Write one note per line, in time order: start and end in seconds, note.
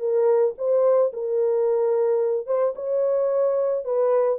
0.00 0.55 A#4
0.58 1.13 C5
1.14 2.47 A#4
2.47 2.74 C5
2.76 3.85 C#5
3.85 4.39 B4